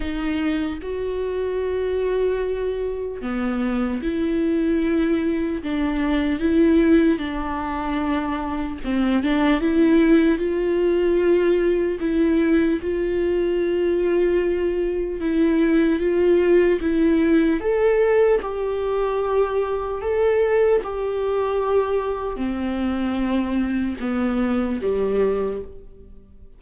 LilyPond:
\new Staff \with { instrumentName = "viola" } { \time 4/4 \tempo 4 = 75 dis'4 fis'2. | b4 e'2 d'4 | e'4 d'2 c'8 d'8 | e'4 f'2 e'4 |
f'2. e'4 | f'4 e'4 a'4 g'4~ | g'4 a'4 g'2 | c'2 b4 g4 | }